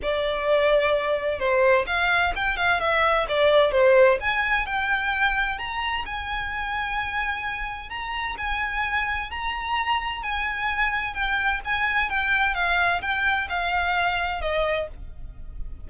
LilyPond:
\new Staff \with { instrumentName = "violin" } { \time 4/4 \tempo 4 = 129 d''2. c''4 | f''4 g''8 f''8 e''4 d''4 | c''4 gis''4 g''2 | ais''4 gis''2.~ |
gis''4 ais''4 gis''2 | ais''2 gis''2 | g''4 gis''4 g''4 f''4 | g''4 f''2 dis''4 | }